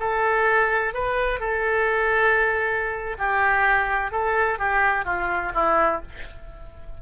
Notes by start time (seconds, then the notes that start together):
0.00 A4
0.94 B4
1.40 A4
3.18 G4
4.11 A4
4.59 G4
5.06 F4
5.55 E4